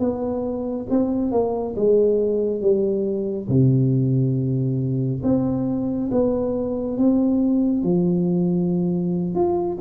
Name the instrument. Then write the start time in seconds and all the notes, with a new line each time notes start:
tuba
0.00 B3
0.90 C4
1.32 A#3
1.76 G#3
2.61 G3
3.48 C3
5.23 C4
6.11 B3
6.98 C4
7.83 F3
9.35 F4